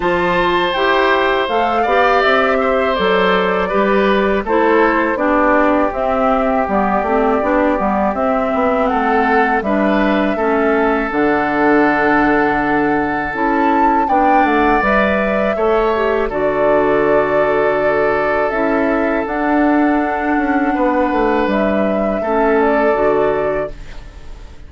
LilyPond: <<
  \new Staff \with { instrumentName = "flute" } { \time 4/4 \tempo 4 = 81 a''4 g''4 f''4 e''4 | d''2 c''4 d''4 | e''4 d''2 e''4 | fis''4 e''2 fis''4~ |
fis''2 a''4 g''8 fis''8 | e''2 d''2~ | d''4 e''4 fis''2~ | fis''4 e''4. d''4. | }
  \new Staff \with { instrumentName = "oboe" } { \time 4/4 c''2~ c''8 d''4 c''8~ | c''4 b'4 a'4 g'4~ | g'1 | a'4 b'4 a'2~ |
a'2. d''4~ | d''4 cis''4 a'2~ | a'1 | b'2 a'2 | }
  \new Staff \with { instrumentName = "clarinet" } { \time 4/4 f'4 g'4 a'8 g'4. | a'4 g'4 e'4 d'4 | c'4 b8 c'8 d'8 b8 c'4~ | c'4 d'4 cis'4 d'4~ |
d'2 e'4 d'4 | b'4 a'8 g'8 fis'2~ | fis'4 e'4 d'2~ | d'2 cis'4 fis'4 | }
  \new Staff \with { instrumentName = "bassoon" } { \time 4/4 f4 e'4 a8 b8 c'4 | fis4 g4 a4 b4 | c'4 g8 a8 b8 g8 c'8 b8 | a4 g4 a4 d4~ |
d2 cis'4 b8 a8 | g4 a4 d2~ | d4 cis'4 d'4. cis'8 | b8 a8 g4 a4 d4 | }
>>